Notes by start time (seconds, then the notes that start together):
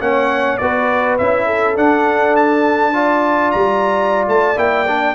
0.00 A#3 C#4 C#5 F#5
0.58 B3 F#4 B4 D5
1.18 C#4 E4 E5
1.46 A4
1.76 D4 F#5
2.36 A5
2.93 F4 D5
3.51 G3 A#5
4.28 A3 A5
4.57 A#3 E4 G5
4.87 D4